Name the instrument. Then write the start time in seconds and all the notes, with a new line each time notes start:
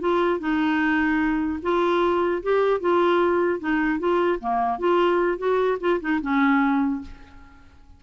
clarinet
0.00 F4
0.40 D#4
1.63 F4
2.43 G4
2.80 F4
3.60 D#4
3.99 F4
4.40 A#3
4.79 F4
5.38 F#4
5.80 F4
6.00 D#4
6.22 C#4